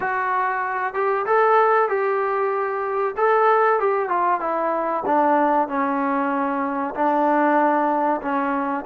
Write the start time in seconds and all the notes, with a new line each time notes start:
0.00 F#4
0.94 G4
1.26 A4
1.88 G4
3.16 A4
3.79 G4
4.09 F4
4.40 E4
5.06 D4
5.68 C#4
6.94 D4
8.21 C#4